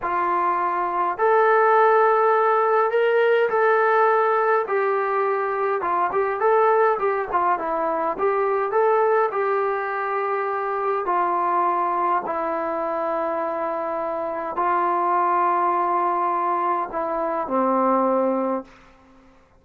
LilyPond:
\new Staff \with { instrumentName = "trombone" } { \time 4/4 \tempo 4 = 103 f'2 a'2~ | a'4 ais'4 a'2 | g'2 f'8 g'8 a'4 | g'8 f'8 e'4 g'4 a'4 |
g'2. f'4~ | f'4 e'2.~ | e'4 f'2.~ | f'4 e'4 c'2 | }